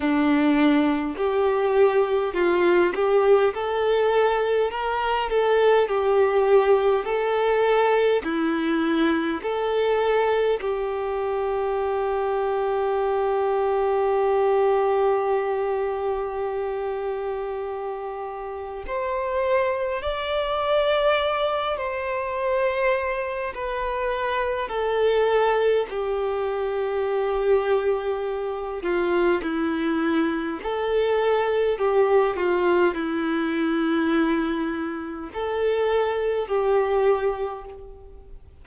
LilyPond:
\new Staff \with { instrumentName = "violin" } { \time 4/4 \tempo 4 = 51 d'4 g'4 f'8 g'8 a'4 | ais'8 a'8 g'4 a'4 e'4 | a'4 g'2.~ | g'1 |
c''4 d''4. c''4. | b'4 a'4 g'2~ | g'8 f'8 e'4 a'4 g'8 f'8 | e'2 a'4 g'4 | }